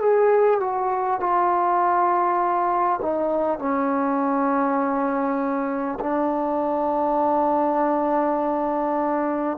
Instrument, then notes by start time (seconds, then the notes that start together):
trombone
0.00 G#4
0.60 F#4
1.20 F4
3.02 D#4
3.59 C#4
6.00 D4